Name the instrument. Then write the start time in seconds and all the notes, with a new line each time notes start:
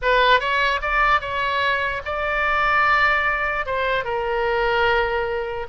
oboe
0.02 B4
0.40 C#5
0.81 D5
1.21 C#5
2.05 D5
3.66 C5
4.04 A#4